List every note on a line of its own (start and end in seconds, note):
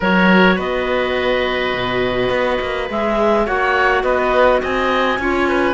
0.00 0.58 F#3
0.00 2.89 F#4
0.00 0.55 A#4
0.00 0.58 C#5
0.55 1.74 B3
0.55 3.43 B4
0.55 2.89 D#5
1.74 2.29 B2
2.29 2.58 B3
2.60 2.89 A#3
2.89 3.47 G#3
2.89 3.46 G#4
2.89 3.47 E5
3.45 4.03 A#3
3.45 5.19 F#4
3.45 4.03 C#5
3.45 4.03 F#5
4.03 4.61 B3
4.03 4.61 B4
4.03 4.60 D#5
4.61 5.18 C4
4.61 5.19 D#5
4.61 5.74 G#5
5.18 5.74 C#4
5.18 5.74 F4
5.18 5.48 C#5
5.48 5.74 B4